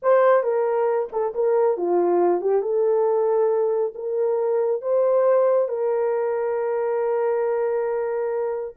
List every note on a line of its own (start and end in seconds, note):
0.02 0.43 C5
0.43 1.08 A#4
1.12 1.34 A4
1.34 1.77 A#4
1.77 2.41 F4
2.41 2.62 G4
2.62 3.93 A4
3.94 4.81 A#4
4.81 5.68 C5
5.68 8.75 A#4